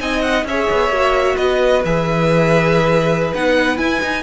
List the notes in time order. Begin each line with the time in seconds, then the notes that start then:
0.00 C4 D#4 D#5 G#5
0.22 F#5
0.44 C#4 C#5 E5
0.50 G#4
0.71 B3
0.90 A#3 F#4
1.36 B3 B4 D#5
1.85 E3 G#4 E5
3.35 B3 D#4 F#5
3.77 E4 G#5
4.02 D#4